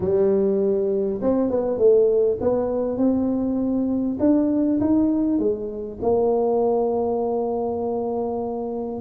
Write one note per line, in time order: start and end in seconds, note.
0.00 1.20 G3
1.21 1.50 C4
1.50 1.78 B3
1.78 2.38 A3
2.41 2.97 B3
2.97 4.17 C4
4.19 4.79 D4
4.80 5.38 D#4
5.38 5.98 G#3
6.02 9.01 A#3